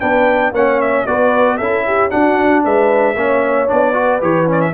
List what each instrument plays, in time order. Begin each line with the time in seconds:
0.00 tuba B3, trombone D4, horn B4, trumpet G5
0.52 tuba A#3, trombone C#4, horn C#5, trumpet F#5
0.81 trumpet E5
1.07 tuba B3, trombone F#4, horn B4, trumpet D5
1.57 tuba C#4, trombone E4, horn A4, trumpet E5
1.87 horn G4
2.10 trombone D4, tuba D4, horn F#4, trumpet F#5
2.65 tuba G#3, horn B4, trumpet E5
3.16 tuba A#3, trombone C#4, horn C#5
3.68 tuba B3, trombone D4, trumpet D5
3.94 trombone F#4, horn B4
4.21 tuba E3, trombone G4, trumpet C#5
4.46 trombone C#4, trumpet D5
4.61 trumpet E5